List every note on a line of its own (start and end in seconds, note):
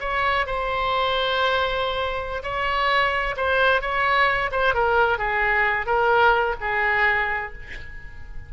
0.00 0.46 C#5
0.46 2.42 C5
2.43 3.35 C#5
3.37 3.81 C5
3.81 4.51 C#5
4.51 4.74 C5
4.74 5.18 A#4
5.18 5.86 G#4
5.86 6.55 A#4
6.61 7.53 G#4